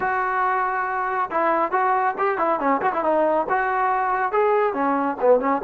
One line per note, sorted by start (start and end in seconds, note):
0.00 1.29 F#4
1.31 1.71 E4
1.71 2.14 F#4
2.18 2.38 G4
2.38 2.59 E4
2.59 2.81 C#4
2.81 2.92 F#4
2.92 3.03 E4
3.03 3.46 D#4
3.49 4.32 F#4
4.32 4.73 G#4
4.73 5.17 C#4
5.20 5.40 B3
5.40 5.61 C#4